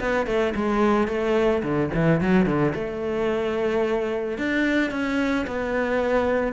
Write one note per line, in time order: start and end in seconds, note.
0.00 0.27 B3
0.27 0.54 A3
0.56 1.08 G#3
1.08 1.63 A3
1.63 1.91 D3
1.94 2.21 E3
2.21 2.47 F#3
2.47 2.74 D3
2.75 4.39 A3
4.39 4.91 D4
4.91 5.46 C#4
5.47 6.53 B3